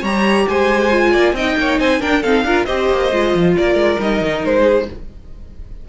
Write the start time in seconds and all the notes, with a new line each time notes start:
0.00 G3 G4 C#5 A#5
0.48 G#3 C5 G#5
0.91 F4
1.11 A#3 D5
1.32 C4 D#4 D#5 G5
1.56 A#3 C#5
1.79 C4 C5 G#5
2.00 D4 A#4 G5
2.22 C4 D#4 A4 F5
2.43 D4 F4 A#4
2.65 C4 G4 C5 D#5
2.89 A#3
3.11 G#3 F4
3.34 F3
3.56 A#3 A#4 D5
3.74 G#3
3.99 G3 D#4 D#5
4.20 D#3
4.44 G#3 C5
4.62 G#4